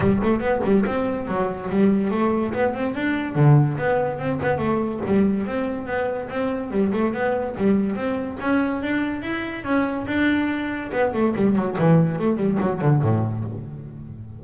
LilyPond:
\new Staff \with { instrumentName = "double bass" } { \time 4/4 \tempo 4 = 143 g8 a8 b8 g8 c'4 fis4 | g4 a4 b8 c'8 d'4 | d4 b4 c'8 b8 a4 | g4 c'4 b4 c'4 |
g8 a8 b4 g4 c'4 | cis'4 d'4 e'4 cis'4 | d'2 b8 a8 g8 fis8 | e4 a8 g8 fis8 d8 a,4 | }